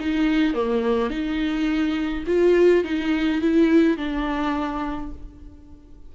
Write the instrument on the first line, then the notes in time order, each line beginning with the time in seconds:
viola
0.00 D#4
0.54 A#3
1.10 D#4
2.27 F4
2.84 D#4
3.41 E4
3.98 D4